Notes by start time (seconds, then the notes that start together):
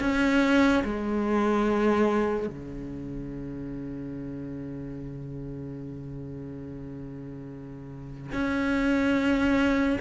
0.00 C#4
0.84 G#3
2.48 C#3
8.32 C#4